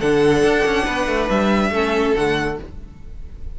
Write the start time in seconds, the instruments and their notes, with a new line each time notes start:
0.00 cello D3, viola D4, violin A4 F#5
0.44 cello D4
0.66 cello C#4
0.85 cello B3, violin B4
1.07 cello A3
1.30 cello G3, violin E5
1.71 cello A3, viola C#4, violin A4
2.16 cello D3, viola A3, violin F#5